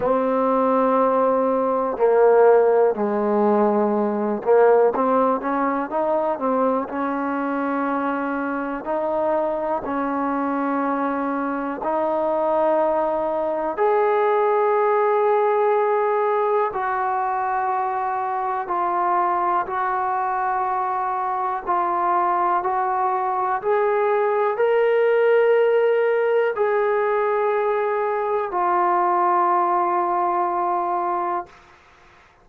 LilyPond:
\new Staff \with { instrumentName = "trombone" } { \time 4/4 \tempo 4 = 61 c'2 ais4 gis4~ | gis8 ais8 c'8 cis'8 dis'8 c'8 cis'4~ | cis'4 dis'4 cis'2 | dis'2 gis'2~ |
gis'4 fis'2 f'4 | fis'2 f'4 fis'4 | gis'4 ais'2 gis'4~ | gis'4 f'2. | }